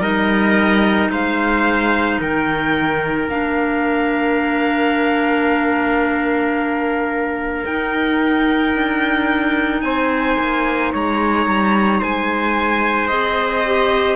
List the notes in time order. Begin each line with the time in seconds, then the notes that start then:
0.00 G3 D#4 A#4 D#5
1.09 G#3 C5 F5
2.20 D#3 A#4 G5
3.28 A#3 D4 F5
7.65 D#4 G5
8.75 D4
9.81 C4 C5 G#5
10.39 A#3
10.92 G#3 C#5 A#5
11.46 G3
12.00 G#3 C5 G#5
13.07 C4 G#4 D#5
13.66 G4